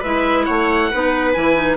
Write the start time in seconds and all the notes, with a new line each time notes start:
0.00 G#3 E4 B4 E5
0.45 A3 C#5 F#5
0.91 B3 D#4 B4
1.33 E3 E4 G#5
1.55 D#4